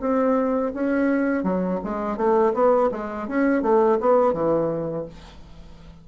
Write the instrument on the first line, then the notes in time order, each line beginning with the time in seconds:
bassoon
0.00 C4
0.74 C#4
1.43 F#3
1.84 G#3
2.17 A3
2.53 B3
2.91 G#3
3.28 C#4
3.62 A3
4.00 B3
4.33 E3